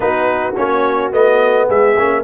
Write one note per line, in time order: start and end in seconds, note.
0.00 0.54 B3
0.00 0.52 D#4
0.00 1.66 F#4
0.00 0.54 B4
0.56 1.12 A#3
0.56 1.11 C#4
0.56 1.12 C#5
1.11 1.68 A3
1.11 1.95 B3
1.11 1.68 D#5
1.66 1.97 G#3
1.66 2.22 G#4
1.66 2.23 E5
1.97 2.23 A#3
1.97 2.23 C#4